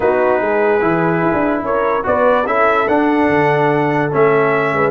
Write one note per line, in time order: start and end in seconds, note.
0.00 0.40 B3
0.00 0.80 D#4
0.00 0.39 F#4
0.00 1.63 B4
0.39 0.81 G#3
0.39 1.62 G#4
0.80 1.22 E3
0.80 2.03 E4
1.22 1.32 E4
1.33 1.62 D4
1.62 2.03 C#4
1.62 2.06 A#4
1.62 2.05 C#5
2.03 2.45 B3
2.03 2.44 F#4
2.03 2.47 B4
2.03 2.46 D5
2.45 2.86 C#4
2.45 2.87 E4
2.45 4.73 A4
2.45 2.87 E5
2.88 3.28 D4
2.88 4.11 D4
2.88 4.11 F#5
3.28 4.11 D3
4.11 4.72 A3
4.11 4.90 C#4
4.11 4.90 E5
4.72 4.90 G#3
4.72 4.90 B4